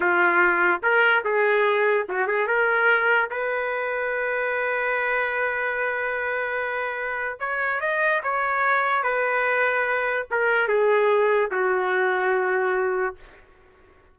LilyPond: \new Staff \with { instrumentName = "trumpet" } { \time 4/4 \tempo 4 = 146 f'2 ais'4 gis'4~ | gis'4 fis'8 gis'8 ais'2 | b'1~ | b'1~ |
b'2 cis''4 dis''4 | cis''2 b'2~ | b'4 ais'4 gis'2 | fis'1 | }